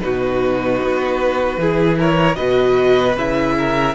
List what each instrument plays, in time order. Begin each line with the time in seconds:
0.00 cello B2, viola D#4, violin F#4 B4
0.82 cello B3
1.58 cello E3, viola E4, violin G#4
1.99 violin A#4 C#5
2.36 cello B2, viola F#4, violin B4 D#5
3.17 cello C#3, viola E4, violin E5
3.58 violin A#4